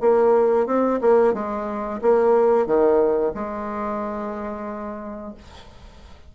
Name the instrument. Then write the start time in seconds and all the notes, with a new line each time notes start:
bassoon
0.00 A#3
0.66 C4
1.01 A#3
1.33 G#3
2.01 A#3
2.66 D#3
3.34 G#3